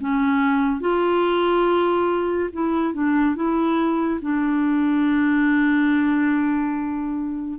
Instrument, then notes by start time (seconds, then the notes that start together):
clarinet
0.00 C#4
0.80 F4
2.53 E4
2.93 D4
3.35 E4
4.21 D4